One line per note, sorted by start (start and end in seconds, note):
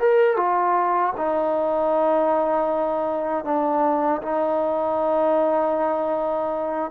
0.00 0.37 A#4
0.37 1.14 F4
1.17 3.45 D#4
3.45 4.22 D4
4.22 6.92 D#4